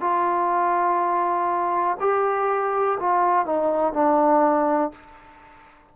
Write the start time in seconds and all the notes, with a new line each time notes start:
0.00 F4
1.99 G4
2.99 F4
3.46 D#4
3.93 D4